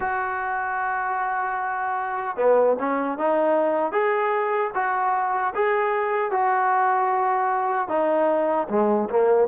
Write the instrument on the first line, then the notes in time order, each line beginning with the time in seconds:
trombone
0.00 F#4
2.36 B3
2.79 C#4
3.18 D#4
3.92 G#4
4.74 F#4
5.54 G#4
6.31 F#4
7.88 D#4
8.69 G#3
9.09 A#3